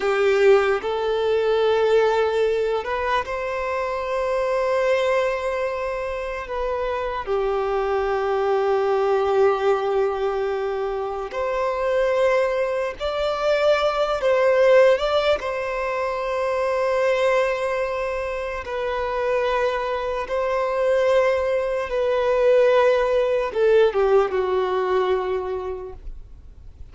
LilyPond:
\new Staff \with { instrumentName = "violin" } { \time 4/4 \tempo 4 = 74 g'4 a'2~ a'8 b'8 | c''1 | b'4 g'2.~ | g'2 c''2 |
d''4. c''4 d''8 c''4~ | c''2. b'4~ | b'4 c''2 b'4~ | b'4 a'8 g'8 fis'2 | }